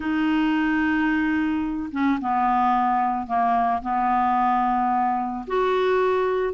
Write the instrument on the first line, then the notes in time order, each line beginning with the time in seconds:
clarinet
0.00 D#4
1.91 C#4
2.20 B3
3.27 A#3
3.82 B3
5.47 F#4